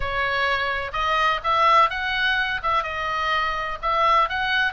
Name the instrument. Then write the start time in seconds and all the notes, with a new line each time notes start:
oboe
0.00 C#5
0.92 D#5
1.43 E5
1.89 F#5
2.62 E5
2.83 D#5
3.82 E5
4.29 F#5